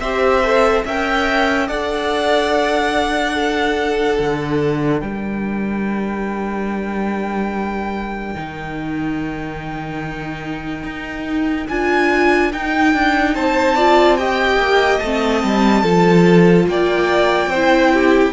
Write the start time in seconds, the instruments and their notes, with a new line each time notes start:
0.00 cello C4, viola G4, violin C5 E5
0.44 viola A4
0.85 cello C#4, viola A#4, violin E5 G5
1.68 cello D4, viola A4, violin D5 F#5
3.35 viola D4, violin A4
4.19 cello D3
5.00 cello G3, violin A#4 G5
8.35 cello D#3, viola D#4
10.84 cello D#4
11.69 cello D4, viola F4, violin G#5
12.53 viola D#4, cello D#4, violin G5
12.94 cello D4
13.35 cello C4, violin C5 A5
13.76 viola F4, violin D5
14.17 viola G4, violin D#5 G5
14.57 cello A#3
14.99 cello A3, viola C4, violin A5
15.44 cello G3
15.83 cello F3, viola F4, violin A4
16.68 cello A#3, violin D5 G5
17.47 cello C4, violin C5
17.56 viola E4
17.94 violin G4